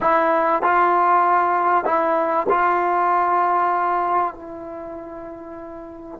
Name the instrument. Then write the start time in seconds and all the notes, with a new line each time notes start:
trombone
0.00 E4
0.62 F4
1.84 E4
2.49 F4
4.34 E4